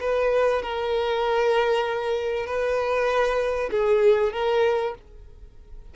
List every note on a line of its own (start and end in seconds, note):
0.00 0.62 B4
0.62 2.46 A#4
2.46 3.70 B4
3.71 4.33 G#4
4.33 4.95 A#4